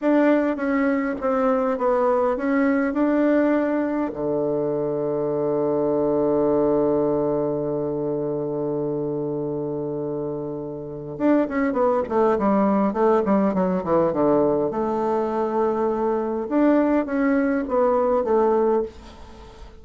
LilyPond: \new Staff \with { instrumentName = "bassoon" } { \time 4/4 \tempo 4 = 102 d'4 cis'4 c'4 b4 | cis'4 d'2 d4~ | d1~ | d1~ |
d2. d'8 cis'8 | b8 a8 g4 a8 g8 fis8 e8 | d4 a2. | d'4 cis'4 b4 a4 | }